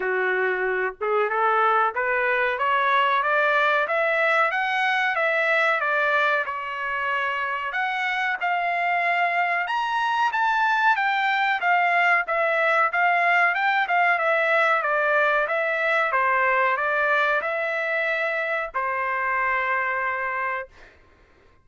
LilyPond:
\new Staff \with { instrumentName = "trumpet" } { \time 4/4 \tempo 4 = 93 fis'4. gis'8 a'4 b'4 | cis''4 d''4 e''4 fis''4 | e''4 d''4 cis''2 | fis''4 f''2 ais''4 |
a''4 g''4 f''4 e''4 | f''4 g''8 f''8 e''4 d''4 | e''4 c''4 d''4 e''4~ | e''4 c''2. | }